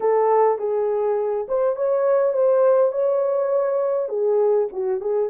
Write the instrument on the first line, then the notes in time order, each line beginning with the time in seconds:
horn
0.00 A4
0.58 G#4
1.48 C5
1.76 C#5
2.33 C5
2.92 C#5
4.09 G#4
4.72 F#4
5.01 G#4